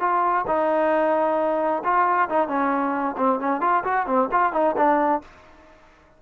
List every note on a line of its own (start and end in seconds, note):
0.00 0.45 F4
0.47 1.83 D#4
1.84 2.29 F4
2.29 2.48 D#4
2.48 3.16 C#4
3.17 3.40 C4
3.40 3.61 C#4
3.61 3.84 F4
3.84 4.06 F#4
4.06 4.29 C4
4.32 4.53 F4
4.53 4.76 D#4
4.77 5.22 D4